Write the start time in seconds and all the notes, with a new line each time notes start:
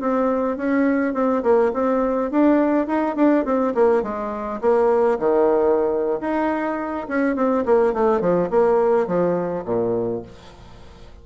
0.00 C4
0.57 C#4
1.13 C4
1.43 A#3
1.73 C4
2.31 D4
2.87 D#4
3.16 D4
3.45 C4
3.74 A#3
4.03 G#3
4.61 A#3
5.18 D#3
6.20 D#4
7.08 C#4
7.35 C4
7.65 A#3
7.93 A3
8.20 F3
8.50 A#3
9.07 F3
9.65 A#2